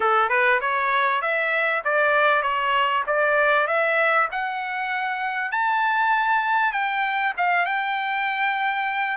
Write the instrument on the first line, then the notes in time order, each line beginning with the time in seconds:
trumpet
0.00 A4
0.29 B4
0.60 C#5
1.21 E5
1.84 D5
2.42 C#5
3.06 D5
3.67 E5
4.31 F#5
5.51 A5
6.72 G5
7.37 F5
7.65 G5